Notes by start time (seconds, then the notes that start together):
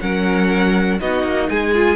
0.00 F#3 C#4 A#4 F#5
1.00 B3 D#4 F#4 D#5
1.23 A#3
1.49 G#3 G#4 G#5
1.75 F4